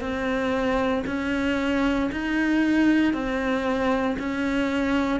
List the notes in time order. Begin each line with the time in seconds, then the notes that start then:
0.00 C4
1.06 C#4
2.12 D#4
3.13 C4
4.18 C#4